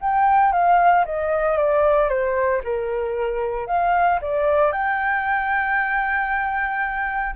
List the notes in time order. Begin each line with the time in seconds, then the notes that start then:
0.00 G5
0.52 F5
1.05 D#5
1.57 D5
2.09 C5
2.64 A#4
3.67 F5
4.21 D5
4.72 G5